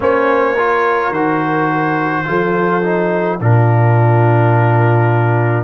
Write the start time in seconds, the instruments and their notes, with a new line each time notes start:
0.00 tuba A#3, trombone C#4, horn C5, trumpet C#5
0.54 trombone F4, horn A#4
1.10 tuba D#3, trombone F#4, trumpet C5
2.25 tuba F3, trombone F4, horn A4
2.82 trombone D#4
3.39 tuba A#2, trombone D4, horn F4, trumpet A#4